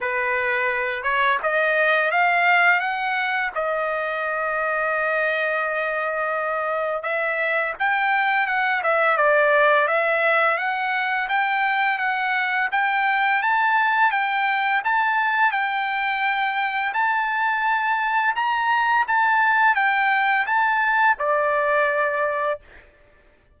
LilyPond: \new Staff \with { instrumentName = "trumpet" } { \time 4/4 \tempo 4 = 85 b'4. cis''8 dis''4 f''4 | fis''4 dis''2.~ | dis''2 e''4 g''4 | fis''8 e''8 d''4 e''4 fis''4 |
g''4 fis''4 g''4 a''4 | g''4 a''4 g''2 | a''2 ais''4 a''4 | g''4 a''4 d''2 | }